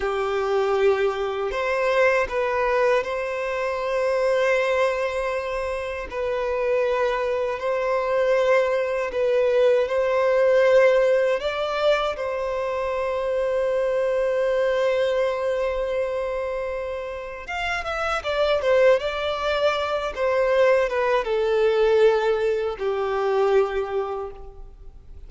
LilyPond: \new Staff \with { instrumentName = "violin" } { \time 4/4 \tempo 4 = 79 g'2 c''4 b'4 | c''1 | b'2 c''2 | b'4 c''2 d''4 |
c''1~ | c''2. f''8 e''8 | d''8 c''8 d''4. c''4 b'8 | a'2 g'2 | }